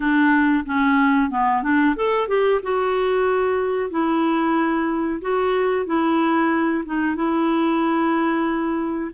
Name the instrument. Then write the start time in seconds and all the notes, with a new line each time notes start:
clarinet
0.00 D4
0.66 C#4
1.30 B3
1.62 D4
1.96 A4
2.28 G4
2.62 F#4
3.90 E4
5.21 F#4
5.86 E4
6.85 D#4
7.15 E4